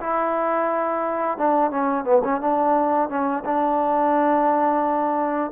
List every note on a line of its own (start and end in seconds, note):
0.00 1.38 E4
1.38 1.71 D4
1.71 2.04 C#4
2.04 2.21 B3
2.24 2.40 C#4
2.40 3.09 D4
3.09 3.43 C#4
3.44 5.51 D4